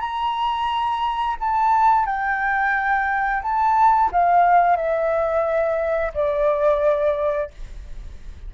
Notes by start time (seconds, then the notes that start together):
0.00 A#5
1.40 A5
2.05 G5
3.42 A5
4.12 F5
4.76 E5
6.14 D5